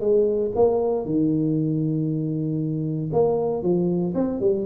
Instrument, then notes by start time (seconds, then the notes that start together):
tuba
0.00 G#3
0.55 A#3
1.05 D#3
3.13 A#3
3.62 F3
4.14 C4
4.40 G3